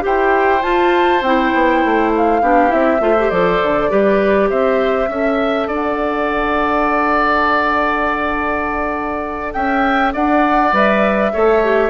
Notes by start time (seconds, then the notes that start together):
0.00 E4 G4 C5 G5
0.61 F4 A5
1.21 C4 E4 G5
1.53 B3
1.84 A3
2.17 F5
2.41 B3 D4 G4
2.68 C4 E4 E5
3.00 A3 F4 C5
3.19 G4
3.29 F3 A4 D5
3.62 D3
3.89 G3 G4 B4
4.49 C4 C5 E5
5.08 C#4 A4 E5
5.67 D4 D5 F#5
9.52 C#4 E5 G5
10.13 D4 D5 F#5
10.72 G3 B4 E5
11.32 A3 A4 C#5
11.63 G4